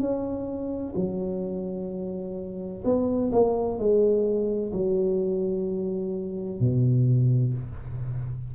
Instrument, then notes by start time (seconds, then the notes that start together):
tuba
0.00 C#4
0.96 F#3
2.85 B3
3.32 A#3
3.78 G#3
4.73 F#3
6.60 B2